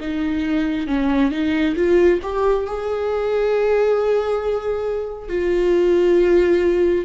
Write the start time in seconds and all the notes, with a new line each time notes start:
0.00 D#4
0.87 C#4
1.31 D#4
1.76 F4
2.22 G4
2.66 G#4
5.29 F4